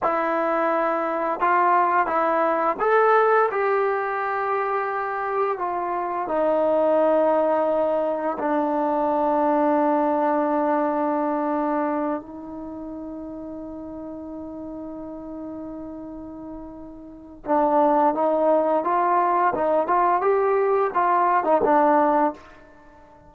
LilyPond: \new Staff \with { instrumentName = "trombone" } { \time 4/4 \tempo 4 = 86 e'2 f'4 e'4 | a'4 g'2. | f'4 dis'2. | d'1~ |
d'4. dis'2~ dis'8~ | dis'1~ | dis'4 d'4 dis'4 f'4 | dis'8 f'8 g'4 f'8. dis'16 d'4 | }